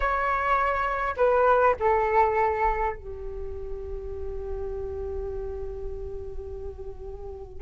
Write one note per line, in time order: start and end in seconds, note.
0.00 1.15 C#5
1.17 1.75 B4
1.79 2.96 A4
2.96 7.61 G4